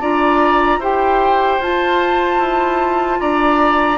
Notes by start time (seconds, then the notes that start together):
0.00 D4 F4 D5 A#5
0.78 E4 G4 C5 G5
1.60 F4 A5
2.38 E4
3.20 D4 D5 A#5